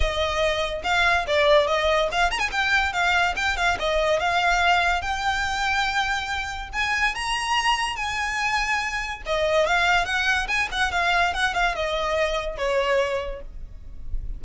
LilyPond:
\new Staff \with { instrumentName = "violin" } { \time 4/4 \tempo 4 = 143 dis''2 f''4 d''4 | dis''4 f''8 ais''16 gis''16 g''4 f''4 | g''8 f''8 dis''4 f''2 | g''1 |
gis''4 ais''2 gis''4~ | gis''2 dis''4 f''4 | fis''4 gis''8 fis''8 f''4 fis''8 f''8 | dis''2 cis''2 | }